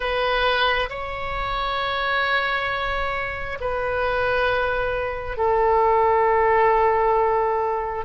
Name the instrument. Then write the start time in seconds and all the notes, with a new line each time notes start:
oboe
0.00 B4
0.90 C#5
3.60 B4
5.37 A4